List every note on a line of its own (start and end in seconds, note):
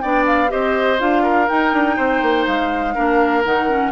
0.00 0.52 B3
0.00 0.48 D4
0.00 0.51 D5
0.00 0.24 G5
0.26 0.51 F5
0.48 1.00 C4
0.48 0.97 G4
0.48 1.23 C5
0.48 1.00 D#5
0.99 1.49 D4
0.99 1.48 F4
0.99 1.49 F5
1.23 1.96 A#4
1.49 2.95 D#4
1.49 1.73 D#4
1.49 2.46 G5
1.73 1.97 D4
1.97 2.22 C4
1.97 2.94 C5
2.22 2.46 A#3
2.47 2.96 G#3
2.47 3.44 F5
2.95 3.46 A#3
2.95 3.44 D4
2.95 3.92 A#4
3.44 3.92 D#3
3.44 3.69 D#4
3.44 3.92 F#5
3.69 3.92 C#4